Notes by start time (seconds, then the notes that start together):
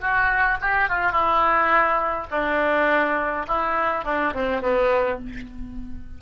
0.00 F#4
0.61 G4
0.89 F4
1.12 E4
2.31 D4
3.48 E4
4.04 D4
4.33 C4
4.62 B3